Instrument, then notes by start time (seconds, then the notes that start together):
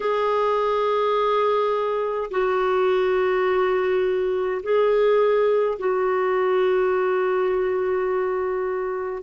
clarinet
0.00 G#4
2.30 F#4
4.63 G#4
5.78 F#4